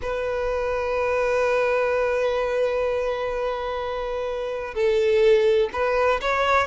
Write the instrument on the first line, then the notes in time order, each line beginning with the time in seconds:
violin
0.02 B4
4.74 A4
5.72 B4
6.21 C#5